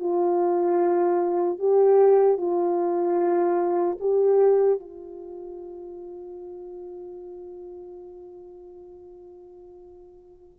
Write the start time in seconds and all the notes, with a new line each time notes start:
0.00 F4
1.59 G4
2.38 F4
4.00 G4
4.80 F4